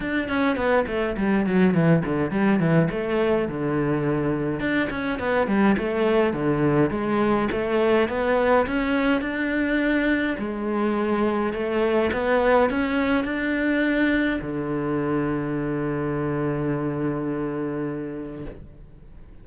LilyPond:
\new Staff \with { instrumentName = "cello" } { \time 4/4 \tempo 4 = 104 d'8 cis'8 b8 a8 g8 fis8 e8 d8 | g8 e8 a4 d2 | d'8 cis'8 b8 g8 a4 d4 | gis4 a4 b4 cis'4 |
d'2 gis2 | a4 b4 cis'4 d'4~ | d'4 d2.~ | d1 | }